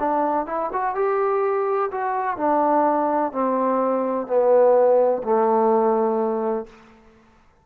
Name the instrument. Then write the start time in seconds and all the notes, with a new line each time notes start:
trombone
0.00 D4
0.47 E4
0.73 F#4
0.95 G4
1.92 F#4
2.37 D4
3.32 C4
4.27 B3
5.24 A3